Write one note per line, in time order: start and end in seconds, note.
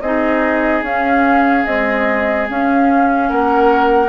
0.00 0.82 C4
0.00 0.84 D#4
0.00 3.28 G#4
0.00 0.82 D#5
0.82 1.64 C#4
0.82 1.66 C#4
0.82 1.65 F5
1.65 2.48 G#3
1.65 2.48 C4
1.65 2.47 D#5
2.48 4.08 C#4
2.48 3.30 C#4
2.48 3.29 F5
3.28 4.08 A#3
3.28 4.08 A#4
3.28 4.08 F#5